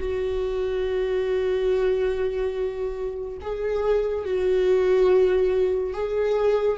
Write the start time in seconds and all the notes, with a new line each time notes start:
0.00 F#4
3.41 G#4
4.25 F#4
5.94 G#4